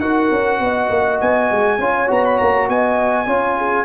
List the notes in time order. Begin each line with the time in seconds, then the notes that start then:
0.00 D#4 F#4 A#4 F#5
0.30 C#4
0.60 B3 D#5
0.90 A#3
1.20 B3 G#5
1.51 G#3
1.78 C#4 F4 C#5
2.07 B3 F#4 A#5
2.25 B5
2.38 A#3 A#5
2.68 B3 D#5 G#5
3.26 C#4 F4 C#5
3.57 G#4